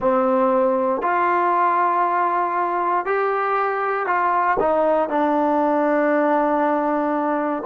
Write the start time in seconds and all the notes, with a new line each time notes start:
0.00 C4
1.02 F4
3.05 G4
4.06 F4
4.59 D#4
5.08 D4